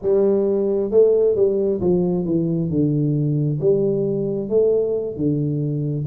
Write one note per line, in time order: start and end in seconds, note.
0.02 0.90 G3
0.90 1.35 A3
1.35 1.80 G3
1.80 2.25 F3
2.25 2.69 E3
2.69 3.59 D3
3.60 4.49 G3
4.49 5.16 A3
5.16 6.06 D3